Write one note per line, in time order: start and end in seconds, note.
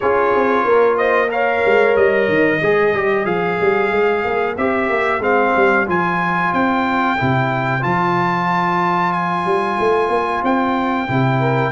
0.00 0.34 C#4
0.00 1.28 F4
0.00 0.66 G#4
0.00 0.97 C#5
0.34 0.64 C4
0.64 1.62 A#3
0.64 0.97 A#4
0.97 1.30 C5
0.97 1.29 D#5
1.28 2.59 A#4
1.28 2.60 C#5
1.28 1.96 F5
1.65 1.96 G#3
1.96 2.28 G3
1.96 3.25 D#5
2.28 2.61 D#3
2.60 2.94 G#3
2.60 2.94 G#4
2.60 11.39 C5
2.94 3.25 G3
2.94 3.25 G4
3.25 3.58 F3
3.25 4.55 G#4
3.25 4.56 F5
3.61 3.91 G3
3.91 4.24 G#3
4.24 4.57 A#3
4.57 4.89 C4
4.57 5.21 G4
4.57 5.22 E5
4.89 5.19 A#3
5.19 5.51 G#3
5.19 5.86 C4
5.19 5.87 F5
5.56 5.88 G3
5.86 6.53 F3
5.86 7.17 F4
5.86 6.53 G#5
6.53 7.18 C4
6.53 7.83 G5
7.17 7.83 C3
7.17 7.80 E4
7.80 9.45 F3
7.80 11.07 F4
7.80 9.12 A5
9.12 10.42 G#5
9.45 9.78 G3
9.79 10.08 A3
10.08 10.41 A#3
10.43 11.08 C4
10.43 11.71 G5
11.07 11.71 C3
11.07 11.71 E4
11.39 11.71 A#4